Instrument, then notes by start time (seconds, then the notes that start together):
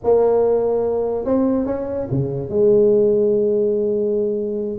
tuba
0.03 A#3
1.24 C4
1.66 C#4
2.10 C#3
2.49 G#3